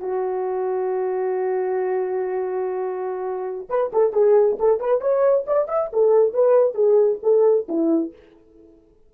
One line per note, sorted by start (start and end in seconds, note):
0.00 3.67 F#4
3.69 3.92 B4
3.93 4.13 A4
4.13 4.58 G#4
4.60 4.80 A4
4.80 5.01 B4
5.01 5.45 C#5
5.47 5.68 D5
5.68 5.91 E5
5.93 6.34 A4
6.34 6.75 B4
6.75 7.19 G#4
7.23 7.67 A4
7.69 8.13 E4